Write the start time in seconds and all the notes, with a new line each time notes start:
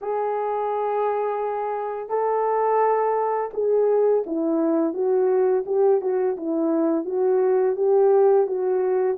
0.01 G#4
2.09 A4
3.53 G#4
4.26 E4
4.93 F#4
5.66 G4
6.01 F#4
6.37 E4
7.05 F#4
7.76 G4
8.46 F#4